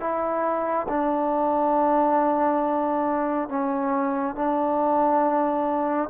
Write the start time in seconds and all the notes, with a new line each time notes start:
0.00 E4
0.88 D4
3.49 C#4
4.35 D4